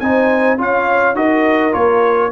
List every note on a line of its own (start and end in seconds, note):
0.00 0.58 C4
0.00 0.58 D#4
0.00 0.58 C5
0.00 0.58 G#5
0.58 1.15 C#4
0.58 1.16 F4
0.58 1.17 C#5
0.58 1.16 F5
1.15 1.73 D#4
1.15 1.72 F#4
1.15 2.32 A#4
1.15 1.74 D#5
1.72 2.32 A#3
1.72 2.31 F4
1.72 2.32 C#5